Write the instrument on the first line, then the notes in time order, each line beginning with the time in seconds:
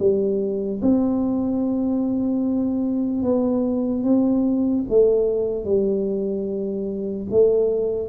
tuba
0.00 G3
0.82 C4
3.23 B3
4.04 C4
4.89 A3
5.65 G3
7.31 A3